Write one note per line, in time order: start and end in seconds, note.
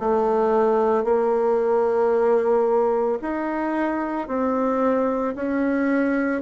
0.00 1.05 A3
1.05 3.19 A#3
3.22 4.28 D#4
4.28 5.35 C4
5.36 6.42 C#4